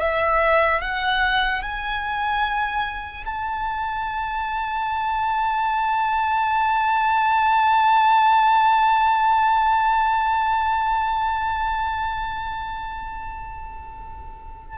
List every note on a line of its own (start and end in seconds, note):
0.00 0.81 E5
0.81 1.62 F#5
1.62 3.24 G#5
3.25 14.78 A5